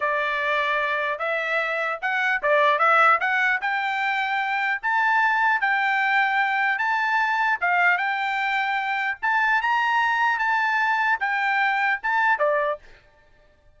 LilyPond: \new Staff \with { instrumentName = "trumpet" } { \time 4/4 \tempo 4 = 150 d''2. e''4~ | e''4 fis''4 d''4 e''4 | fis''4 g''2. | a''2 g''2~ |
g''4 a''2 f''4 | g''2. a''4 | ais''2 a''2 | g''2 a''4 d''4 | }